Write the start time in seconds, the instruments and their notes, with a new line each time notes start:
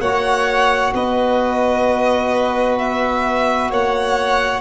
0.00 tuba A#3, trombone F#4, violin C#5 F#5
0.94 tuba B3, violin B4 D#5
2.78 violin E5
3.71 tuba A#3, violin C#5 F#5